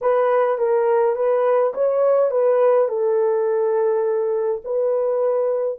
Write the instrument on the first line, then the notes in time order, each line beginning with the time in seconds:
horn
0.01 B4
0.57 A#4
1.15 B4
1.73 C#5
2.31 B4
2.88 A4
4.64 B4